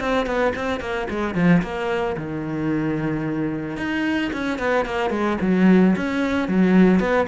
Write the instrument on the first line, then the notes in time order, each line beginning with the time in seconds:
cello
0.00 C4
0.26 B3
0.56 C4
0.81 A#3
1.10 G#3
1.35 F3
1.62 A#3
2.17 D#3
3.77 D#4
4.33 C#4
4.59 B3
4.86 A#3
5.10 G#3
5.41 F#3
5.96 C#4
6.49 F#3
7.00 B3